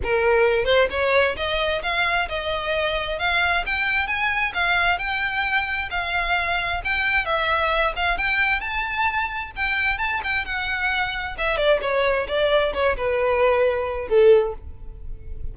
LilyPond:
\new Staff \with { instrumentName = "violin" } { \time 4/4 \tempo 4 = 132 ais'4. c''8 cis''4 dis''4 | f''4 dis''2 f''4 | g''4 gis''4 f''4 g''4~ | g''4 f''2 g''4 |
e''4. f''8 g''4 a''4~ | a''4 g''4 a''8 g''8 fis''4~ | fis''4 e''8 d''8 cis''4 d''4 | cis''8 b'2~ b'8 a'4 | }